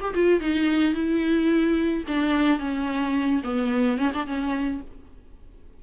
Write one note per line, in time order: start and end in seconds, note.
0.00 0.14 G4
0.14 0.40 F4
0.40 0.94 D#4
0.94 2.04 E4
2.07 2.59 D4
2.59 3.42 C#4
3.44 3.98 B3
3.98 4.12 C#4
4.14 4.26 D4
4.26 4.81 C#4